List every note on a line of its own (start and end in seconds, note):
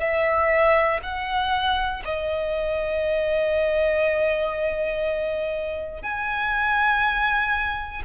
0.00 1.00 E5
1.03 2.03 F#5
2.05 6.03 D#5
6.03 8.03 G#5